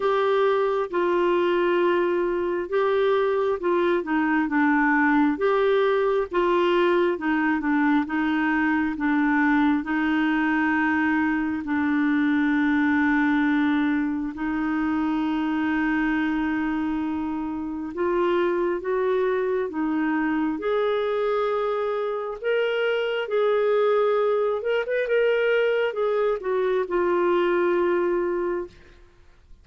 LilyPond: \new Staff \with { instrumentName = "clarinet" } { \time 4/4 \tempo 4 = 67 g'4 f'2 g'4 | f'8 dis'8 d'4 g'4 f'4 | dis'8 d'8 dis'4 d'4 dis'4~ | dis'4 d'2. |
dis'1 | f'4 fis'4 dis'4 gis'4~ | gis'4 ais'4 gis'4. ais'16 b'16 | ais'4 gis'8 fis'8 f'2 | }